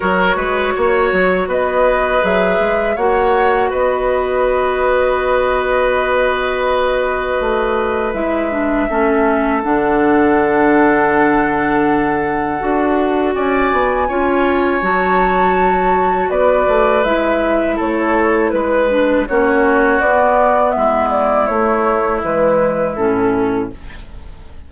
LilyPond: <<
  \new Staff \with { instrumentName = "flute" } { \time 4/4 \tempo 4 = 81 cis''2 dis''4 e''4 | fis''4 dis''2.~ | dis''2. e''4~ | e''4 fis''2.~ |
fis''2 gis''2 | a''2 d''4 e''4 | cis''4 b'4 cis''4 d''4 | e''8 d''8 cis''4 b'4 a'4 | }
  \new Staff \with { instrumentName = "oboe" } { \time 4/4 ais'8 b'8 cis''4 b'2 | cis''4 b'2.~ | b'1 | a'1~ |
a'2 d''4 cis''4~ | cis''2 b'2 | a'4 b'4 fis'2 | e'1 | }
  \new Staff \with { instrumentName = "clarinet" } { \time 4/4 fis'2. gis'4 | fis'1~ | fis'2. e'8 d'8 | cis'4 d'2.~ |
d'4 fis'2 f'4 | fis'2. e'4~ | e'4. d'8 cis'4 b4~ | b4 a4 gis4 cis'4 | }
  \new Staff \with { instrumentName = "bassoon" } { \time 4/4 fis8 gis8 ais8 fis8 b4 fis8 gis8 | ais4 b2.~ | b2 a4 gis4 | a4 d2.~ |
d4 d'4 cis'8 b8 cis'4 | fis2 b8 a8 gis4 | a4 gis4 ais4 b4 | gis4 a4 e4 a,4 | }
>>